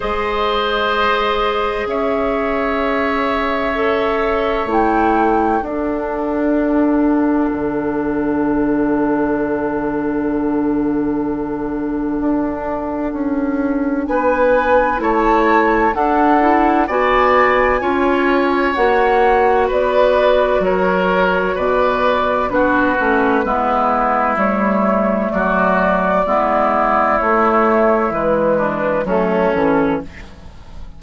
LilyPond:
<<
  \new Staff \with { instrumentName = "flute" } { \time 4/4 \tempo 4 = 64 dis''2 e''2~ | e''4 g''4 fis''2~ | fis''1~ | fis''2. gis''4 |
a''4 fis''4 gis''2 | fis''4 d''4 cis''4 d''4 | b'2 cis''4 d''4~ | d''4 cis''4 b'4 a'4 | }
  \new Staff \with { instrumentName = "oboe" } { \time 4/4 c''2 cis''2~ | cis''2 a'2~ | a'1~ | a'2. b'4 |
cis''4 a'4 d''4 cis''4~ | cis''4 b'4 ais'4 b'4 | fis'4 e'2 fis'4 | e'2~ e'8 d'8 cis'4 | }
  \new Staff \with { instrumentName = "clarinet" } { \time 4/4 gis'1 | a'4 e'4 d'2~ | d'1~ | d'1 |
e'4 d'8 e'8 fis'4 f'4 | fis'1 | d'8 cis'8 b4 a2 | b4 a4 gis4 a8 cis'8 | }
  \new Staff \with { instrumentName = "bassoon" } { \time 4/4 gis2 cis'2~ | cis'4 a4 d'2 | d1~ | d4 d'4 cis'4 b4 |
a4 d'4 b4 cis'4 | ais4 b4 fis4 b,4 | b8 a8 gis4 g4 fis4 | gis4 a4 e4 fis8 e8 | }
>>